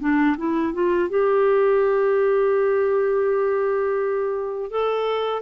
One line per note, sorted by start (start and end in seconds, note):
0.00 0.36 D4
0.37 0.73 E4
0.73 1.09 F4
1.09 4.70 G4
4.70 5.42 A4